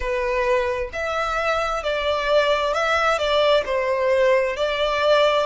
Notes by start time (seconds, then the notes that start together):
0.00 B4
0.92 E5
1.83 D5
2.73 E5
3.18 D5
3.65 C5
4.56 D5